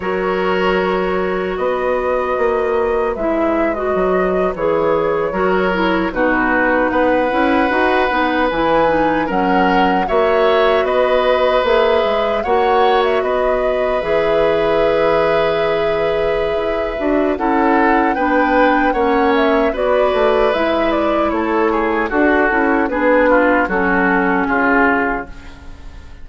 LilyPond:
<<
  \new Staff \with { instrumentName = "flute" } { \time 4/4 \tempo 4 = 76 cis''2 dis''2 | e''8. dis''4 cis''2 b'16~ | b'8. fis''2 gis''4 fis''16~ | fis''8. e''4 dis''4 e''4 fis''16~ |
fis''8 e''16 dis''4 e''2~ e''16~ | e''2 fis''4 g''4 | fis''8 e''8 d''4 e''8 d''8 cis''4 | a'4 b'4 a'4 gis'4 | }
  \new Staff \with { instrumentName = "oboe" } { \time 4/4 ais'2 b'2~ | b'2~ b'8. ais'4 fis'16~ | fis'8. b'2. ais'16~ | ais'8. cis''4 b'2 cis''16~ |
cis''8. b'2.~ b'16~ | b'2 a'4 b'4 | cis''4 b'2 a'8 gis'8 | fis'4 gis'8 f'8 fis'4 f'4 | }
  \new Staff \with { instrumentName = "clarinet" } { \time 4/4 fis'1 | e'8. fis'4 gis'4 fis'8 e'8 dis'16~ | dis'4~ dis'16 e'8 fis'8 dis'8 e'8 dis'8 cis'16~ | cis'8. fis'2 gis'4 fis'16~ |
fis'4.~ fis'16 gis'2~ gis'16~ | gis'4. fis'8 e'4 d'4 | cis'4 fis'4 e'2 | fis'8 e'8 d'4 cis'2 | }
  \new Staff \with { instrumentName = "bassoon" } { \time 4/4 fis2 b4 ais4 | gis4 fis8. e4 fis4 b,16~ | b,8. b8 cis'8 dis'8 b8 e4 fis16~ | fis8. ais4 b4 ais8 gis8 ais16~ |
ais8. b4 e2~ e16~ | e4 e'8 d'8 cis'4 b4 | ais4 b8 a8 gis4 a4 | d'8 cis'8 b4 fis4 cis4 | }
>>